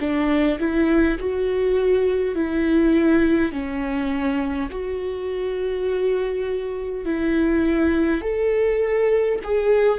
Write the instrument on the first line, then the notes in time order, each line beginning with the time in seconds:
viola
0.00 D4
0.59 E4
1.19 F#4
2.35 E4
3.52 C#4
4.71 F#4
7.05 E4
8.22 A4
9.44 G#4